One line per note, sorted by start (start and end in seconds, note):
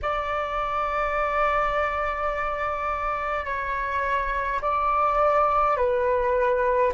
0.02 3.45 D5
3.45 4.60 C#5
4.61 5.76 D5
5.76 6.92 B4